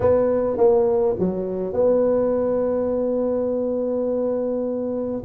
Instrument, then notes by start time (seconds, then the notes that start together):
tuba
0.00 B3
0.57 A#3
1.19 F#3
1.73 B3